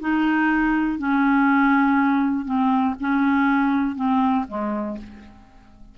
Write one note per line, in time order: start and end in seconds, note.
0.00 0.99 D#4
0.99 2.45 C#4
2.45 2.95 C4
3.00 3.96 C#4
3.96 4.45 C4
4.48 4.98 G#3